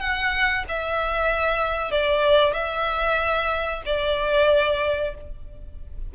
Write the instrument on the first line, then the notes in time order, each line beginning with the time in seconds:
violin
0.00 F#5
0.69 E5
1.91 D5
2.54 E5
3.86 D5